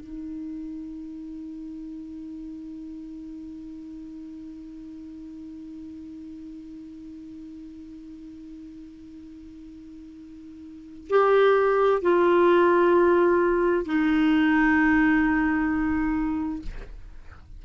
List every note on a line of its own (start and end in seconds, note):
0.00 11.08 D#4
11.09 12.02 G4
12.02 13.85 F4
13.85 16.62 D#4